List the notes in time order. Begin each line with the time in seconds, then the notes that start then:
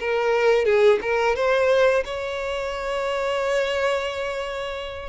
0.00 A#4
0.65 G#4
1.02 A#4
1.36 C5
2.05 C#5